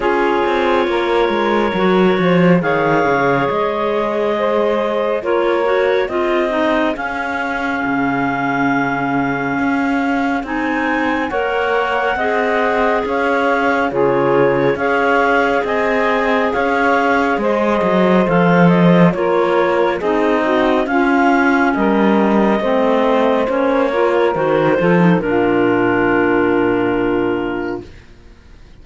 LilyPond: <<
  \new Staff \with { instrumentName = "clarinet" } { \time 4/4 \tempo 4 = 69 cis''2. f''4 | dis''2 cis''4 dis''4 | f''1 | gis''4 fis''2 f''4 |
cis''4 f''4 gis''4 f''4 | dis''4 f''8 dis''8 cis''4 dis''4 | f''4 dis''2 cis''4 | c''4 ais'2. | }
  \new Staff \with { instrumentName = "saxophone" } { \time 4/4 gis'4 ais'4. c''8 cis''4~ | cis''4 c''4 ais'4 gis'4~ | gis'1~ | gis'4 cis''4 dis''4 cis''4 |
gis'4 cis''4 dis''4 cis''4 | c''2 ais'4 gis'8 fis'8 | f'4 ais'4 c''4. ais'8~ | ais'8 a'8 f'2. | }
  \new Staff \with { instrumentName = "clarinet" } { \time 4/4 f'2 fis'4 gis'4~ | gis'2 f'8 fis'8 f'8 dis'8 | cis'1 | dis'4 ais'4 gis'2 |
f'4 gis'2.~ | gis'4 a'4 f'4 dis'4 | cis'2 c'4 cis'8 f'8 | fis'8 f'16 dis'16 d'2. | }
  \new Staff \with { instrumentName = "cello" } { \time 4/4 cis'8 c'8 ais8 gis8 fis8 f8 dis8 cis8 | gis2 ais4 c'4 | cis'4 cis2 cis'4 | c'4 ais4 c'4 cis'4 |
cis4 cis'4 c'4 cis'4 | gis8 fis8 f4 ais4 c'4 | cis'4 g4 a4 ais4 | dis8 f8 ais,2. | }
>>